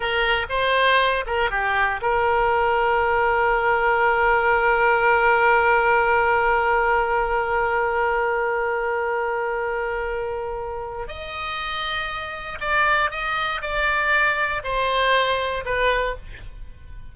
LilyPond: \new Staff \with { instrumentName = "oboe" } { \time 4/4 \tempo 4 = 119 ais'4 c''4. ais'8 g'4 | ais'1~ | ais'1~ | ais'1~ |
ais'1~ | ais'2 dis''2~ | dis''4 d''4 dis''4 d''4~ | d''4 c''2 b'4 | }